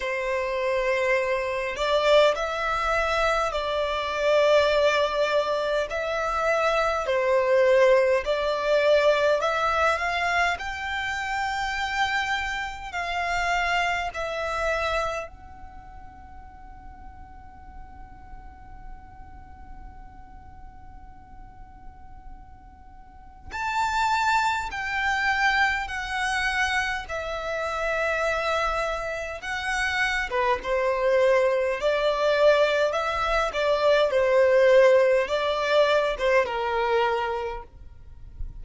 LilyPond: \new Staff \with { instrumentName = "violin" } { \time 4/4 \tempo 4 = 51 c''4. d''8 e''4 d''4~ | d''4 e''4 c''4 d''4 | e''8 f''8 g''2 f''4 | e''4 fis''2.~ |
fis''1 | a''4 g''4 fis''4 e''4~ | e''4 fis''8. b'16 c''4 d''4 | e''8 d''8 c''4 d''8. c''16 ais'4 | }